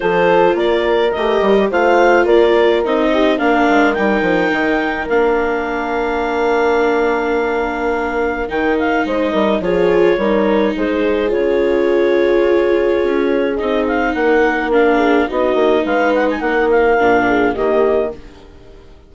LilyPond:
<<
  \new Staff \with { instrumentName = "clarinet" } { \time 4/4 \tempo 4 = 106 c''4 d''4 dis''4 f''4 | d''4 dis''4 f''4 g''4~ | g''4 f''2.~ | f''2. g''8 f''8 |
dis''4 cis''2 c''4 | cis''1 | dis''8 f''8 fis''4 f''4 dis''4 | f''8 fis''16 gis''16 fis''8 f''4. dis''4 | }
  \new Staff \with { instrumentName = "horn" } { \time 4/4 a'4 ais'2 c''4 | ais'4. g'8 ais'2~ | ais'1~ | ais'1 |
c''8 ais'8 gis'4 ais'4 gis'4~ | gis'1~ | gis'4 ais'4. gis'8 fis'4 | b'4 ais'4. gis'8 g'4 | }
  \new Staff \with { instrumentName = "viola" } { \time 4/4 f'2 g'4 f'4~ | f'4 dis'4 d'4 dis'4~ | dis'4 d'2.~ | d'2. dis'4~ |
dis'4 f'4 dis'2 | f'1 | dis'2 d'4 dis'4~ | dis'2 d'4 ais4 | }
  \new Staff \with { instrumentName = "bassoon" } { \time 4/4 f4 ais4 a8 g8 a4 | ais4 c'4 ais8 gis8 g8 f8 | dis4 ais2.~ | ais2. dis4 |
gis8 g8 f4 g4 gis4 | cis2. cis'4 | c'4 ais2 b8 ais8 | gis4 ais4 ais,4 dis4 | }
>>